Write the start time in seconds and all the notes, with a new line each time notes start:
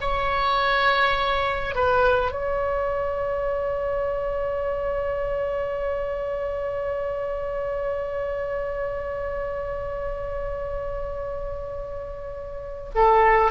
0.00 C#5
1.74 B4
2.31 C#5
12.95 A4